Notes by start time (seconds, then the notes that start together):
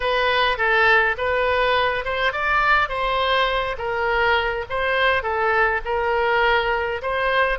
0.00 B4
0.57 A4
1.17 B4
2.04 C5
2.32 D5
2.88 C5
3.78 A#4
4.69 C5
5.22 A4
5.85 A#4
7.02 C5